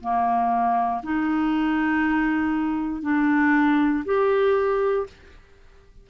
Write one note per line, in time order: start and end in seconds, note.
0.00 1.02 A#3
1.03 3.02 D#4
3.02 4.04 D4
4.05 5.07 G4